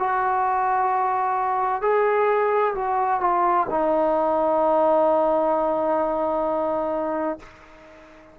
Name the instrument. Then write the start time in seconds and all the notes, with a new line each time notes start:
trombone
0.00 F#4
1.82 G#4
2.75 F#4
3.21 F4
3.70 D#4